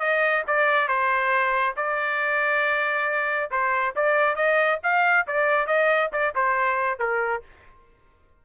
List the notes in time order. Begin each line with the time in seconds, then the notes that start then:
0.00 D#5
0.47 D5
0.88 C5
1.77 D5
3.51 C5
3.96 D5
4.36 D#5
4.83 F5
5.27 D5
5.67 D#5
6.13 D5
6.35 C5
6.99 A#4